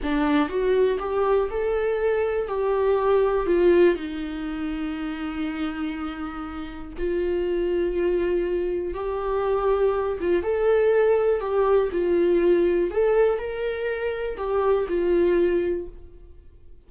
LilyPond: \new Staff \with { instrumentName = "viola" } { \time 4/4 \tempo 4 = 121 d'4 fis'4 g'4 a'4~ | a'4 g'2 f'4 | dis'1~ | dis'2 f'2~ |
f'2 g'2~ | g'8 f'8 a'2 g'4 | f'2 a'4 ais'4~ | ais'4 g'4 f'2 | }